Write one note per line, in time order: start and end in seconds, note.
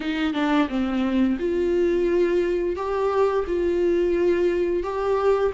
0.00 0.33 D#4
0.33 0.68 D4
0.68 1.37 C4
1.39 2.76 F4
2.76 3.45 G4
3.47 4.83 F4
4.83 5.52 G4